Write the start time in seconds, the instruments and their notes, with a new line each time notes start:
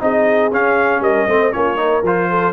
0.00 tuba C4, trombone D#4, horn G#4, trumpet D#5
0.52 tuba C#4, trombone C#4, trumpet F5
1.00 tuba G3, horn A#4, trumpet D#5
1.27 tuba A3, trombone C4, horn C5
1.52 tuba A#3, trombone C#4, horn F4, trumpet C#5
1.77 trombone D#4, horn A#4
2.02 tuba F3, trombone F4, trumpet C5
2.30 horn A4